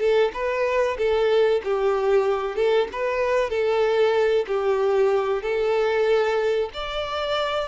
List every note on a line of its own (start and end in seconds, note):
0.00 0.32 A4
0.34 0.97 B4
0.98 1.62 A4
1.64 2.56 G4
2.56 2.88 A4
2.93 3.50 B4
3.50 4.46 A4
4.48 5.43 G4
5.43 6.70 A4
6.74 7.69 D5